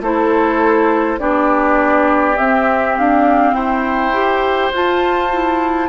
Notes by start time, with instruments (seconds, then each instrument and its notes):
0.00 bassoon A3, clarinet E4, oboe A4, flute C5
1.19 bassoon B3, clarinet D4, oboe G4, flute D5
2.37 clarinet C4, bassoon C4, flute E5
2.97 bassoon D4, flute F5
3.53 bassoon E4, oboe C5, flute G5
4.13 clarinet G4
4.72 bassoon F4, clarinet F4, flute A5
5.32 clarinet E4